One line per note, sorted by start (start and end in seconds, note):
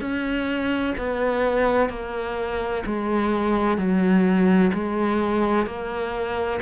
0.00 0.94 C#4
0.97 1.89 B3
1.89 2.83 A#3
2.85 3.77 G#3
3.77 4.71 F#3
4.73 5.66 G#3
5.66 6.60 A#3